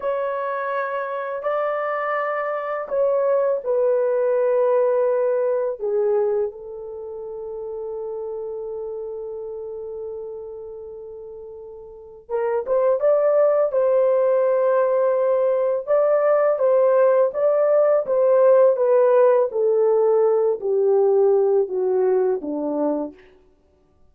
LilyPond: \new Staff \with { instrumentName = "horn" } { \time 4/4 \tempo 4 = 83 cis''2 d''2 | cis''4 b'2. | gis'4 a'2.~ | a'1~ |
a'4 ais'8 c''8 d''4 c''4~ | c''2 d''4 c''4 | d''4 c''4 b'4 a'4~ | a'8 g'4. fis'4 d'4 | }